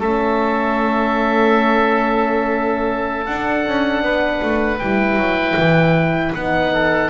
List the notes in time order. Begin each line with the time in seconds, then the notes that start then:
0.00 A3 C#4 A4 E5
3.26 D4 F#5
3.66 C#4
4.02 B3 B4
4.43 A3
4.79 G3 E4 G5
5.16 F#3
5.57 E3
6.35 B3 D#4 F#5
6.73 A4